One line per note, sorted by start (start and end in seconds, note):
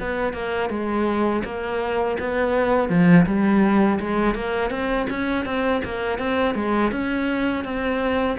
0.00 0.33 B3
0.33 0.70 A#3
0.70 1.43 G#3
1.44 2.18 A#3
2.19 2.89 B3
2.89 3.25 F3
3.26 3.99 G3
3.99 4.35 G#3
4.35 4.70 A#3
4.70 5.07 C4
5.10 5.45 C#4
5.45 5.81 C4
5.84 6.18 A#3
6.18 6.55 C4
6.55 6.91 G#3
6.91 7.64 C#4
7.64 8.37 C4